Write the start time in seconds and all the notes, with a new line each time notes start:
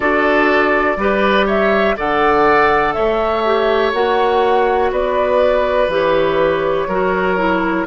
0.00 D4 F#4 A4 D5
0.97 G3 G4 B4
1.46 C#5 E5
1.96 D3 A4 D5 F#5
2.93 A3 C#5 E5
3.45 G4
3.93 A#3 F#4 F#5
4.91 B3 B4 D5
5.88 E3 G4
5.94 C#5
6.87 F#3 F#4 A#4
7.37 E4